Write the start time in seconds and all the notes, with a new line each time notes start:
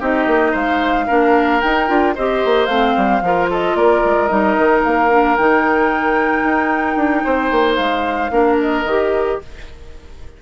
0.00 C4 D#4 G4 D#5
0.27 A#3
0.52 G#3 C5 F5
1.07 A#3 D4 A#4
1.61 D#4 G5
1.88 D4 F4
2.15 C4 G4 C5 D#5
2.45 A#3
2.66 A3 C4 F5
2.97 G3
3.22 F3 F4 A#4
3.50 A4 D#5
3.75 A#3 A#4 D5
4.05 G#3
4.28 G3 D#4 D#5
4.58 D#3
4.84 A#3 F5
5.10 D4
5.37 D#3 D#4 G5
6.44 D#4
6.96 D4
7.24 C4 C5
7.51 A#3
7.76 G#3 F5
8.31 A#3 D4 A#4
8.61 D#5
8.85 D#3 G4